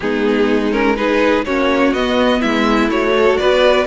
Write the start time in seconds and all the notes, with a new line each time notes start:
0.00 G#3 B3 D#4 G#4
0.71 C#4 A#4
0.96 D#4 G#4 B4
1.44 A#3 C#4 F#4 C#5
1.93 B3 D#5
2.40 G#3 E4 E5
2.88 A3 F#4 C#5
3.16 A4
3.37 B3 B4 D5